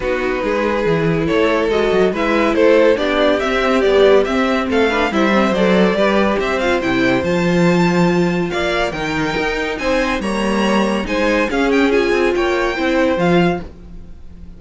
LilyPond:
<<
  \new Staff \with { instrumentName = "violin" } { \time 4/4 \tempo 4 = 141 b'2. cis''4 | dis''4 e''4 c''4 d''4 | e''4 d''4 e''4 f''4 | e''4 d''2 e''8 f''8 |
g''4 a''2. | f''4 g''2 gis''4 | ais''2 gis''4 f''8 g''8 | gis''4 g''2 f''4 | }
  \new Staff \with { instrumentName = "violin" } { \time 4/4 fis'4 gis'2 a'4~ | a'4 b'4 a'4 g'4~ | g'2. a'8 b'8 | c''2 b'4 c''4~ |
c''1 | d''4 ais'2 c''4 | cis''2 c''4 gis'4~ | gis'4 cis''4 c''2 | }
  \new Staff \with { instrumentName = "viola" } { \time 4/4 dis'2 e'2 | fis'4 e'2 d'4 | c'4 g4 c'4. d'8 | e'8 c'8 a'4 g'4. f'8 |
e'4 f'2.~ | f'4 dis'2. | ais2 dis'4 cis'4 | f'2 e'4 f'4 | }
  \new Staff \with { instrumentName = "cello" } { \time 4/4 b4 gis4 e4 a4 | gis8 fis8 gis4 a4 b4 | c'4 b4 c'4 a4 | g4 fis4 g4 c'4 |
c4 f2. | ais4 dis4 dis'4 c'4 | g2 gis4 cis'4~ | cis'8 c'8 ais4 c'4 f4 | }
>>